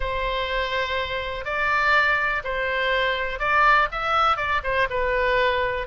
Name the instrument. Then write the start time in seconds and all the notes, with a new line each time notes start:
oboe
0.00 C5
1.44 D5
2.44 C5
3.39 D5
3.91 E5
4.37 D5
4.63 C5
4.89 B4